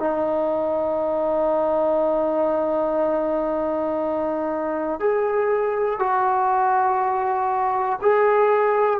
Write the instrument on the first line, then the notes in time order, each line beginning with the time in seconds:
trombone
0.00 D#4
5.00 G#4
5.99 F#4
8.01 G#4